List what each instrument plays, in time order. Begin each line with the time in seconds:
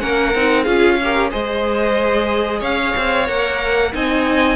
0.00 cello A#3, viola C#4, violin A#4 F#5
0.35 cello C4, viola D#4
0.63 cello C#4, viola F4, violin G#4 F5
1.04 viola G4, violin A#4
1.30 cello G#3, viola G#4, violin C5 D#5
2.59 cello C#4, violin C#5 F5
2.96 cello C4
3.26 cello A#3, viola A#4, violin F#5
3.92 cello C4, viola D#4, violin D#5 G#5